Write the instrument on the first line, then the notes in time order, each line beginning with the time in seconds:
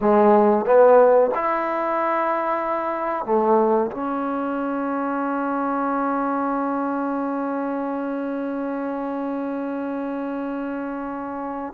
trombone
0.01 G#3
0.65 B3
1.35 E4
3.25 A3
3.91 C#4